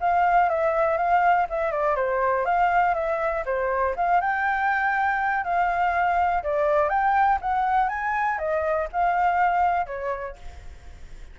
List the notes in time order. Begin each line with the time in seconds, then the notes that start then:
0.00 F5
0.49 E5
0.97 F5
1.49 E5
1.71 D5
1.95 C5
2.45 F5
2.94 E5
3.46 C5
3.96 F5
4.21 G5
5.43 F5
6.43 D5
6.89 G5
7.41 F#5
7.89 G#5
8.38 D#5
8.92 F5
9.86 C#5